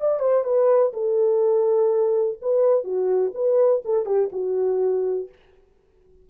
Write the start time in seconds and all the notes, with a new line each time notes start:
0.00 D5
0.20 C5
0.44 B4
0.93 A4
2.42 B4
2.84 F#4
3.35 B4
3.85 A4
4.06 G4
4.32 F#4